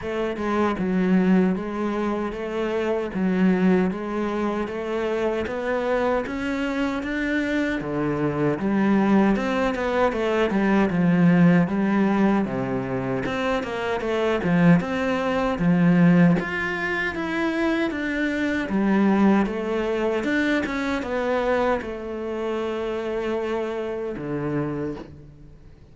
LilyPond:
\new Staff \with { instrumentName = "cello" } { \time 4/4 \tempo 4 = 77 a8 gis8 fis4 gis4 a4 | fis4 gis4 a4 b4 | cis'4 d'4 d4 g4 | c'8 b8 a8 g8 f4 g4 |
c4 c'8 ais8 a8 f8 c'4 | f4 f'4 e'4 d'4 | g4 a4 d'8 cis'8 b4 | a2. d4 | }